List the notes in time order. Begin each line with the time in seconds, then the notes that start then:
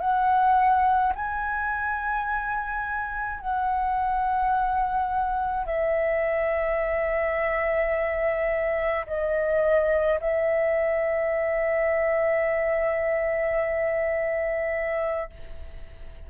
0.00 F#5
1.15 G#5
3.40 F#5
5.66 E5
9.06 D#5
10.20 E5